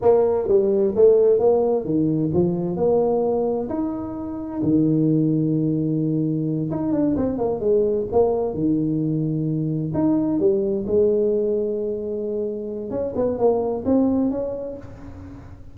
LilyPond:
\new Staff \with { instrumentName = "tuba" } { \time 4/4 \tempo 4 = 130 ais4 g4 a4 ais4 | dis4 f4 ais2 | dis'2 dis2~ | dis2~ dis8 dis'8 d'8 c'8 |
ais8 gis4 ais4 dis4.~ | dis4. dis'4 g4 gis8~ | gis1 | cis'8 b8 ais4 c'4 cis'4 | }